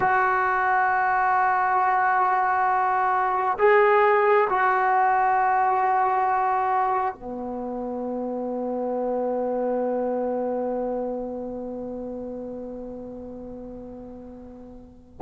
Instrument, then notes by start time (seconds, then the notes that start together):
trombone
0.00 F#4
3.58 G#4
4.49 F#4
7.14 B3